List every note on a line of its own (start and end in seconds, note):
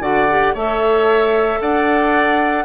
0.00 0.53 D3
0.00 0.27 F#4
0.00 0.54 D5
0.00 0.55 F#5
0.30 0.56 G4
0.54 1.60 A3
0.54 2.64 A4
0.54 1.59 C#5
0.54 1.61 E5
1.60 2.64 D4
1.60 2.64 D5
1.60 2.64 F#5